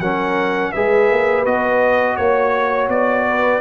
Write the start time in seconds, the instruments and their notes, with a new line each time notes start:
0.00 tuba F#3, trombone C#4, horn A#4, trumpet F#5
0.72 tuba G#3, trombone G#4, horn B4, trumpet E5
1.11 tuba A#3
1.45 tuba B3, trombone F#4, trumpet D#5
2.16 tuba A#3, trumpet C#5, horn C#5
2.88 tuba B3, trumpet D5
3.28 horn B4